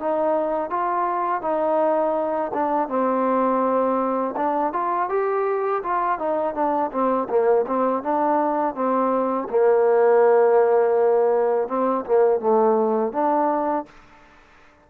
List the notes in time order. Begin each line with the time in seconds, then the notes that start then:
0.00 D#4
0.71 F4
1.42 D#4
2.54 D4
2.89 C4
4.37 D4
4.73 F4
5.10 G4
5.83 F4
6.19 D#4
6.55 D4
6.92 C4
7.30 A#3
7.67 C4
8.03 D4
8.75 C4
9.50 A#3
11.69 C4
12.06 A#3
12.41 A3
13.13 D4